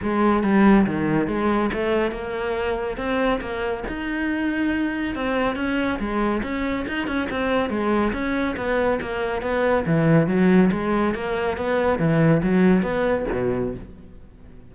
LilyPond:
\new Staff \with { instrumentName = "cello" } { \time 4/4 \tempo 4 = 140 gis4 g4 dis4 gis4 | a4 ais2 c'4 | ais4 dis'2. | c'4 cis'4 gis4 cis'4 |
dis'8 cis'8 c'4 gis4 cis'4 | b4 ais4 b4 e4 | fis4 gis4 ais4 b4 | e4 fis4 b4 b,4 | }